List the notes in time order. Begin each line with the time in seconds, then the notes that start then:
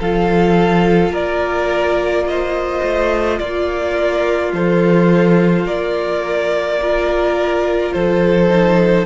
0.00 F3 F4 A4 F5
1.10 A#3 A#4 D5
2.27 C5 D#5
2.83 A3
3.39 A#3 F4 D5
3.93 A#4
4.53 F3 A4 C5
5.66 A#3 A#4 D5
6.81 F4 A#4
7.93 F3 A4 C5
8.49 D#4